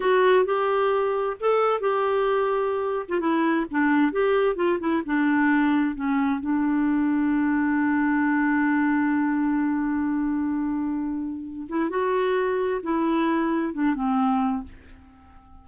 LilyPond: \new Staff \with { instrumentName = "clarinet" } { \time 4/4 \tempo 4 = 131 fis'4 g'2 a'4 | g'2~ g'8. f'16 e'4 | d'4 g'4 f'8 e'8 d'4~ | d'4 cis'4 d'2~ |
d'1~ | d'1~ | d'4. e'8 fis'2 | e'2 d'8 c'4. | }